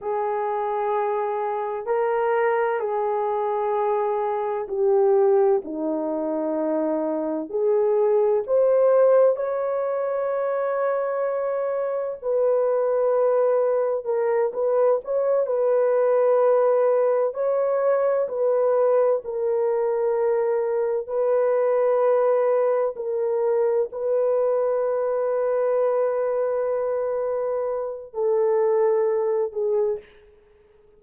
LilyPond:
\new Staff \with { instrumentName = "horn" } { \time 4/4 \tempo 4 = 64 gis'2 ais'4 gis'4~ | gis'4 g'4 dis'2 | gis'4 c''4 cis''2~ | cis''4 b'2 ais'8 b'8 |
cis''8 b'2 cis''4 b'8~ | b'8 ais'2 b'4.~ | b'8 ais'4 b'2~ b'8~ | b'2 a'4. gis'8 | }